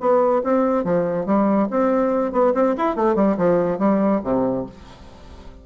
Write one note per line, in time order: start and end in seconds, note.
0.00 0.42 B3
0.44 0.84 C4
0.84 1.26 F3
1.26 1.68 G3
1.71 2.32 C4
2.32 2.53 B3
2.54 2.75 C4
2.77 2.96 E4
2.96 3.15 A3
3.15 3.36 G3
3.37 3.79 F3
3.79 4.21 G3
4.23 4.66 C3